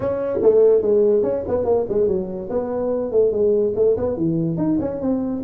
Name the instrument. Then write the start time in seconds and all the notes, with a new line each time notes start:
tuba
0.00 C#4
0.42 A3
0.81 G#3
1.23 C#4
1.48 B3
1.65 A#3
1.89 G#3
2.07 F#3
2.49 B3
3.11 A3
3.31 G#3
3.75 A3
3.96 B3
4.16 E3
4.57 D#4
4.80 C#4
5.00 C4